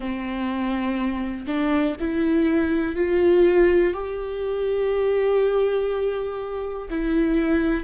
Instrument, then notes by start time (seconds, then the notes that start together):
viola
0.00 C4
1.46 D4
2.00 E4
2.95 F4
3.93 G4
6.90 E4